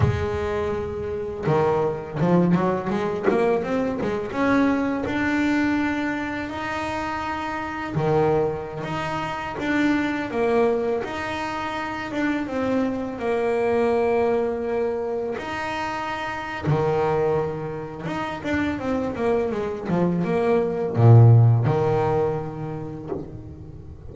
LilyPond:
\new Staff \with { instrumentName = "double bass" } { \time 4/4 \tempo 4 = 83 gis2 dis4 f8 fis8 | gis8 ais8 c'8 gis8 cis'4 d'4~ | d'4 dis'2 dis4~ | dis16 dis'4 d'4 ais4 dis'8.~ |
dis'8. d'8 c'4 ais4.~ ais16~ | ais4~ ais16 dis'4.~ dis'16 dis4~ | dis4 dis'8 d'8 c'8 ais8 gis8 f8 | ais4 ais,4 dis2 | }